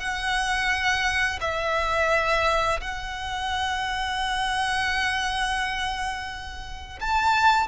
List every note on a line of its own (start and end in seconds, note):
0.00 1.40 F#5
1.41 2.81 E5
2.81 7.00 F#5
7.01 7.68 A5